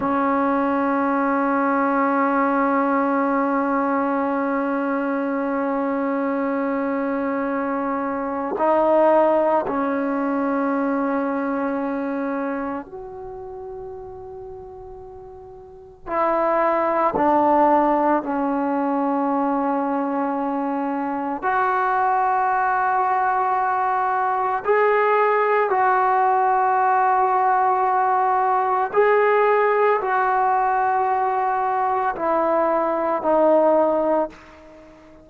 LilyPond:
\new Staff \with { instrumentName = "trombone" } { \time 4/4 \tempo 4 = 56 cis'1~ | cis'1 | dis'4 cis'2. | fis'2. e'4 |
d'4 cis'2. | fis'2. gis'4 | fis'2. gis'4 | fis'2 e'4 dis'4 | }